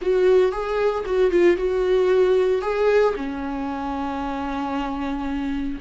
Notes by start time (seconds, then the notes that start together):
0.01 F#4
0.51 G#4
1.05 F#4
1.30 F4
1.56 F#4
2.61 G#4
3.16 C#4